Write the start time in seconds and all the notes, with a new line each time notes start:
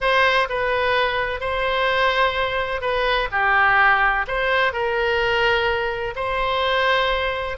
0.01 C5
0.49 B4
1.40 C5
2.81 B4
3.31 G4
4.27 C5
4.72 A#4
6.15 C5